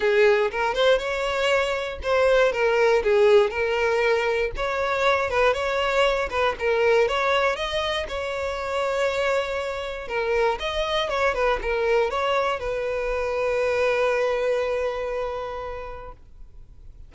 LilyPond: \new Staff \with { instrumentName = "violin" } { \time 4/4 \tempo 4 = 119 gis'4 ais'8 c''8 cis''2 | c''4 ais'4 gis'4 ais'4~ | ais'4 cis''4. b'8 cis''4~ | cis''8 b'8 ais'4 cis''4 dis''4 |
cis''1 | ais'4 dis''4 cis''8 b'8 ais'4 | cis''4 b'2.~ | b'1 | }